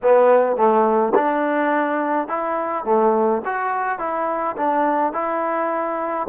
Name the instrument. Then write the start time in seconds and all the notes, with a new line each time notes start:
trombone
0.02 B3
0.56 A3
1.15 D4
2.28 E4
2.84 A3
3.45 F#4
3.98 E4
4.56 D4
5.12 E4